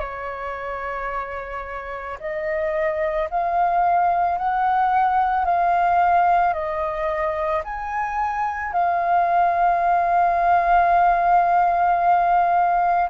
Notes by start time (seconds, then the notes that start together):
0.00 C#5
2.20 D#5
3.31 F5
4.38 F#5
5.45 F5
6.54 D#5
7.64 G#5
8.73 F5